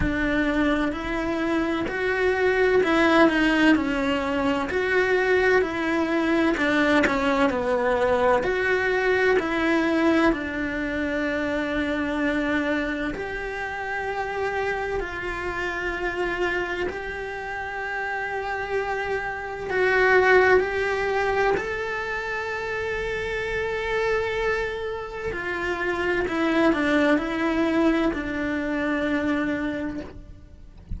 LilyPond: \new Staff \with { instrumentName = "cello" } { \time 4/4 \tempo 4 = 64 d'4 e'4 fis'4 e'8 dis'8 | cis'4 fis'4 e'4 d'8 cis'8 | b4 fis'4 e'4 d'4~ | d'2 g'2 |
f'2 g'2~ | g'4 fis'4 g'4 a'4~ | a'2. f'4 | e'8 d'8 e'4 d'2 | }